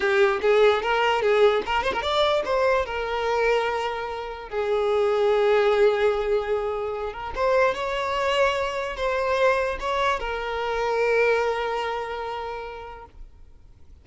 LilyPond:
\new Staff \with { instrumentName = "violin" } { \time 4/4 \tempo 4 = 147 g'4 gis'4 ais'4 gis'4 | ais'8 c''16 ais'16 d''4 c''4 ais'4~ | ais'2. gis'4~ | gis'1~ |
gis'4. ais'8 c''4 cis''4~ | cis''2 c''2 | cis''4 ais'2.~ | ais'1 | }